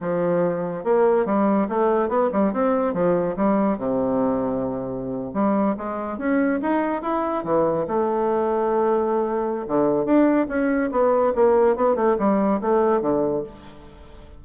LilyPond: \new Staff \with { instrumentName = "bassoon" } { \time 4/4 \tempo 4 = 143 f2 ais4 g4 | a4 b8 g8 c'4 f4 | g4 c2.~ | c8. g4 gis4 cis'4 dis'16~ |
dis'8. e'4 e4 a4~ a16~ | a2. d4 | d'4 cis'4 b4 ais4 | b8 a8 g4 a4 d4 | }